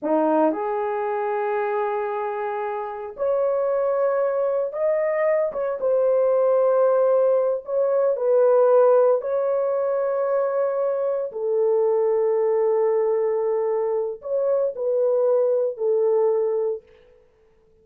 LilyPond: \new Staff \with { instrumentName = "horn" } { \time 4/4 \tempo 4 = 114 dis'4 gis'2.~ | gis'2 cis''2~ | cis''4 dis''4. cis''8 c''4~ | c''2~ c''8 cis''4 b'8~ |
b'4. cis''2~ cis''8~ | cis''4. a'2~ a'8~ | a'2. cis''4 | b'2 a'2 | }